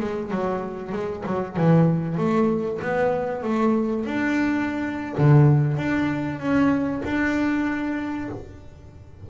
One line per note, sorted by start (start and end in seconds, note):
0.00 0.31 G#3
0.31 0.93 F#3
0.93 1.24 G#3
1.27 1.57 F#3
1.57 2.18 E3
2.18 2.81 A3
2.82 3.43 B3
3.43 4.06 A3
4.06 5.15 D4
5.18 5.77 D3
5.77 6.40 D4
6.40 7.02 C#4
7.05 8.30 D4